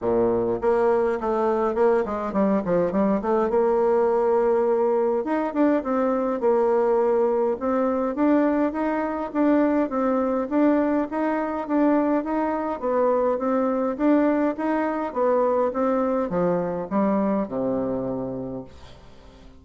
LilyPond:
\new Staff \with { instrumentName = "bassoon" } { \time 4/4 \tempo 4 = 103 ais,4 ais4 a4 ais8 gis8 | g8 f8 g8 a8 ais2~ | ais4 dis'8 d'8 c'4 ais4~ | ais4 c'4 d'4 dis'4 |
d'4 c'4 d'4 dis'4 | d'4 dis'4 b4 c'4 | d'4 dis'4 b4 c'4 | f4 g4 c2 | }